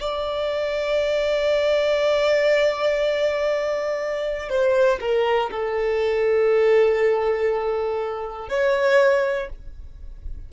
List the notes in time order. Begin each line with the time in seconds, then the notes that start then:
0.00 D5
4.49 C5
5.00 A#4
5.50 A4
8.49 C#5